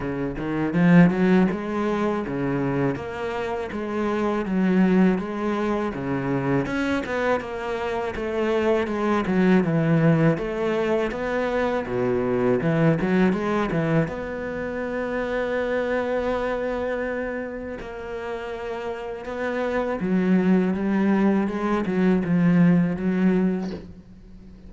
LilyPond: \new Staff \with { instrumentName = "cello" } { \time 4/4 \tempo 4 = 81 cis8 dis8 f8 fis8 gis4 cis4 | ais4 gis4 fis4 gis4 | cis4 cis'8 b8 ais4 a4 | gis8 fis8 e4 a4 b4 |
b,4 e8 fis8 gis8 e8 b4~ | b1 | ais2 b4 fis4 | g4 gis8 fis8 f4 fis4 | }